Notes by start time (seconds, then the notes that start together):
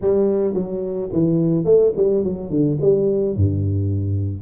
0.01 G3
0.54 F#3
1.12 E3
1.64 A3
1.96 G3
2.23 F#3
2.49 D3
2.81 G3
3.36 G2